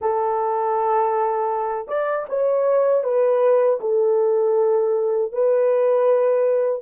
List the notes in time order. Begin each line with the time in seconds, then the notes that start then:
0.01 A4
1.88 D5
2.28 C#5
3.03 B4
3.80 A4
5.32 B4